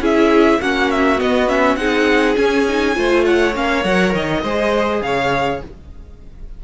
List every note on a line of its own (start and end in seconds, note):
0.00 0.59 C#4
0.00 0.60 E4
0.00 0.61 G#4
0.00 0.62 E5
0.61 1.20 A#3
0.61 1.18 C#4
0.61 1.79 F#4
0.61 0.91 F#5
0.91 1.21 E5
1.18 1.47 B3
1.18 1.77 B3
1.18 1.49 D#5
1.48 1.78 C#4
1.48 1.77 E5
1.77 2.36 C4
1.77 2.36 D#4
1.77 2.97 G#4
1.77 2.35 F#5
2.36 2.65 C#4
2.36 2.97 C#4
2.36 3.25 G#5
2.68 2.95 D#4
2.95 3.56 A3
2.95 3.54 F4
2.95 3.25 C5
3.25 4.42 C#5
3.25 3.55 F#5
3.54 3.85 A#3
3.54 3.84 C#4
3.54 3.85 F5
3.84 4.14 F#3
3.84 4.43 A#4
3.84 4.14 F#5
4.14 4.43 D#3
4.14 5.02 D#5
4.43 5.02 G#3
4.43 5.63 G#4
4.43 5.02 C5
5.02 5.62 C#3
5.02 5.64 C#5
5.02 5.61 F5